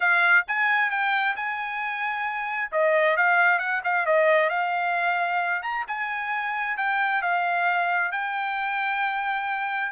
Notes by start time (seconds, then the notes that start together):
0.00 F5
0.47 G#5
0.90 G5
1.36 G#5
2.71 D#5
3.16 F5
3.59 F#5
3.84 F5
4.06 D#5
4.49 F5
5.62 A#5
5.87 G#5
6.77 G5
7.21 F5
8.11 G5